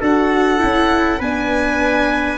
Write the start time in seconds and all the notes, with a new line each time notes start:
0.00 D4 F#4 A4 F#5
0.58 C#4 E4
1.19 B3 D4 B4 G#5